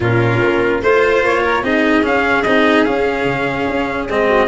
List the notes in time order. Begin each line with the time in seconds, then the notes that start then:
0.00 A#2 C#4 F4 A#4
0.41 A#3
0.81 A3 F4 C5
1.22 A#3 C#5
1.43 A#4
1.62 C4 D#4 G#4 D#5
2.03 C#4 F5
2.43 C4 D#4 D#5
2.83 C#4 F5
3.24 C#3
3.67 C#4
4.08 G#3 C4 D#5
4.28 F#4